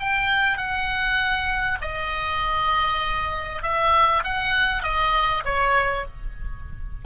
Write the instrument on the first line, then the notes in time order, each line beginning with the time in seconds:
oboe
0.00 G5
0.58 F#5
1.82 D#5
3.63 E5
4.24 F#5
4.83 D#5
5.45 C#5